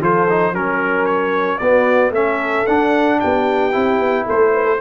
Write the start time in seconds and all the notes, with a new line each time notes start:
0.00 F3 F4 A4 C5
0.29 D#4
0.52 F#3 C#4 A#4
1.05 C#5
1.58 B3 F#4 D5
2.10 A3 C#4 A4 E5
2.66 D4 F#5
3.19 B3 G4 G5
3.72 C4 E4
3.99 B3
4.25 A3 A4 C5
4.54 B4
4.64 A4